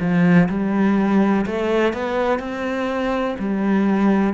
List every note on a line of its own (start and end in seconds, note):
0.00 0.48 F3
0.49 1.46 G3
1.46 1.93 A3
1.93 2.39 B3
2.39 3.36 C4
3.39 4.34 G3